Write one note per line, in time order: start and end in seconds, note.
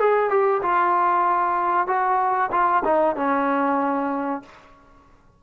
0.00 0.30 G#4
0.30 0.62 G4
0.62 1.88 F4
1.88 2.51 F#4
2.52 2.84 F4
2.85 3.16 D#4
3.16 4.43 C#4